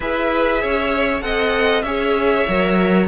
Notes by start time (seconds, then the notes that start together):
0.00 E4 G#4 B4 E5
0.61 C#4 C#5
1.21 C4 A4 D#5 F#5
1.81 C#4 G#4 C#5 E5
2.48 F#3 A#4